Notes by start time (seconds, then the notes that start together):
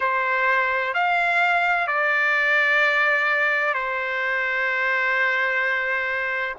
0.00 C5
0.94 F5
1.87 D5
3.73 C5